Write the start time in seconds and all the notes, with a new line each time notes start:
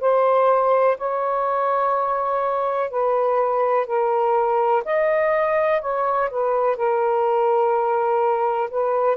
0.00 C5
0.97 C#5
2.90 B4
3.86 A#4
4.84 D#5
5.81 C#5
6.30 B4
6.76 A#4
8.70 B4